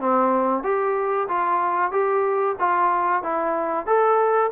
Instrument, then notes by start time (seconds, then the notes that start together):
trombone
0.00 C4
0.63 G4
1.28 F4
1.91 G4
2.60 F4
3.23 E4
3.87 A4